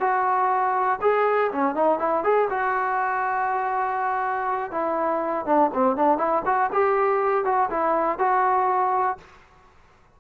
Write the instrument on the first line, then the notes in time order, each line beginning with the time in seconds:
trombone
0.00 F#4
1.01 G#4
1.52 C#4
1.75 D#4
1.99 E4
2.24 G#4
2.50 F#4
4.71 E4
5.45 D4
5.74 C4
5.96 D4
6.18 E4
6.45 F#4
6.73 G4
7.44 F#4
7.70 E4
8.18 F#4